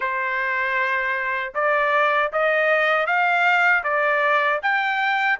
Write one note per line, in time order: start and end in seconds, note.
0.00 1.53 C5
1.54 2.31 D5
2.32 3.06 D#5
3.06 3.83 F5
3.83 4.60 D5
4.62 5.39 G5